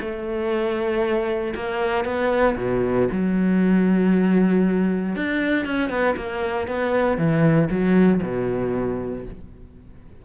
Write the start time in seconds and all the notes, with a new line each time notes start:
0.00 A3
1.55 A#3
2.04 B3
2.57 B2
3.11 F#3
5.15 D4
5.65 C#4
5.89 B3
6.16 A#3
6.67 B3
7.17 E3
7.70 F#3
8.22 B2